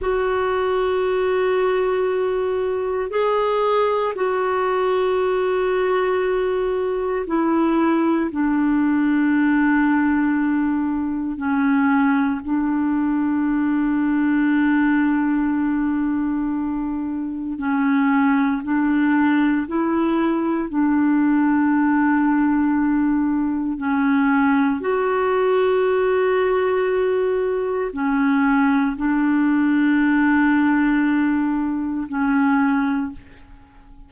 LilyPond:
\new Staff \with { instrumentName = "clarinet" } { \time 4/4 \tempo 4 = 58 fis'2. gis'4 | fis'2. e'4 | d'2. cis'4 | d'1~ |
d'4 cis'4 d'4 e'4 | d'2. cis'4 | fis'2. cis'4 | d'2. cis'4 | }